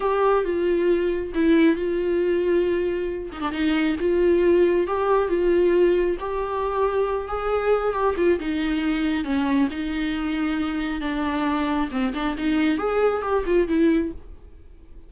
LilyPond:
\new Staff \with { instrumentName = "viola" } { \time 4/4 \tempo 4 = 136 g'4 f'2 e'4 | f'2.~ f'8 dis'16 d'16 | dis'4 f'2 g'4 | f'2 g'2~ |
g'8 gis'4. g'8 f'8 dis'4~ | dis'4 cis'4 dis'2~ | dis'4 d'2 c'8 d'8 | dis'4 gis'4 g'8 f'8 e'4 | }